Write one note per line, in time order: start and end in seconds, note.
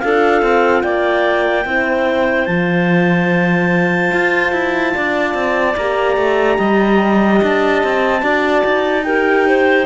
0.00 0.42 D4
0.00 1.66 F4
0.00 0.83 A4
0.00 0.82 F5
0.42 0.83 C4
0.82 1.65 A#3
0.82 1.66 D5
0.82 2.46 G5
1.65 2.47 C4
1.65 2.48 E4
1.65 4.95 C5
2.46 4.12 F3
2.46 5.77 F4
2.46 5.75 A5
4.12 4.53 F4
4.53 4.94 E4
4.95 5.35 D4
4.95 6.58 D5
5.35 5.76 C4
5.77 6.17 A#3
5.77 8.21 G4
5.77 7.42 A#5
6.17 6.58 A3
6.58 7.41 G3
6.58 8.22 D#5
7.43 7.84 D4
7.43 9.04 A5
7.84 8.22 C4
8.21 8.64 D4
8.21 9.04 F#4
8.21 9.05 D5
8.65 9.86 D#4
9.04 9.86 G4
9.04 9.47 A#4
9.04 9.86 G5
9.48 9.86 C5